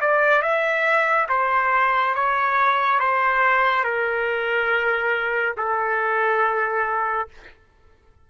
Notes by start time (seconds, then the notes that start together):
0.00 D5
0.42 E5
1.29 C5
2.14 C#5
2.99 C5
3.84 A#4
5.57 A4